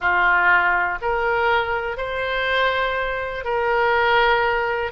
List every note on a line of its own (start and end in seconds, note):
0.00 0.98 F4
1.01 1.97 A#4
1.97 3.44 C5
3.44 4.91 A#4